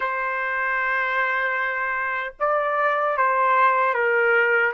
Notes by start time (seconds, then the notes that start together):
0.00 C5
2.39 D5
3.17 C5
3.94 A#4